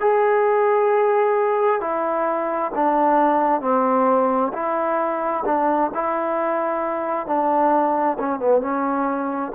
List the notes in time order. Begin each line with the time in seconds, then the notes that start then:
0.00 G#4
1.80 E4
2.75 D4
3.61 C4
4.53 E4
5.45 D4
5.94 E4
7.26 D4
8.19 C#4
8.39 B3
8.61 C#4